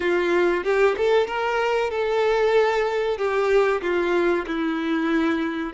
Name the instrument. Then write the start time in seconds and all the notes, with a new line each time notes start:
violin
0.00 F4
0.64 G4
0.97 A4
1.27 A#4
1.90 A4
3.17 G4
3.81 F4
4.47 E4